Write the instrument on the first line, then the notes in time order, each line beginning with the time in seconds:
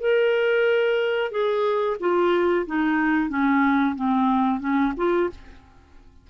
clarinet
0.00 A#4
1.31 G#4
2.00 F4
2.66 D#4
3.29 C#4
3.95 C4
4.60 C#4
4.97 F4